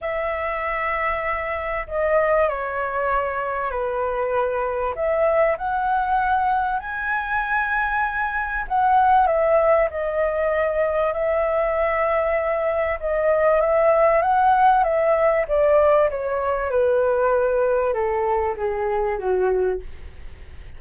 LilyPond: \new Staff \with { instrumentName = "flute" } { \time 4/4 \tempo 4 = 97 e''2. dis''4 | cis''2 b'2 | e''4 fis''2 gis''4~ | gis''2 fis''4 e''4 |
dis''2 e''2~ | e''4 dis''4 e''4 fis''4 | e''4 d''4 cis''4 b'4~ | b'4 a'4 gis'4 fis'4 | }